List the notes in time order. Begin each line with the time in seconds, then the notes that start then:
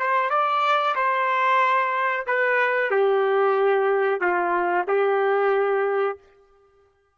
0.00 C5
0.30 D5
0.96 C5
2.27 B4
2.91 G4
4.21 F4
4.88 G4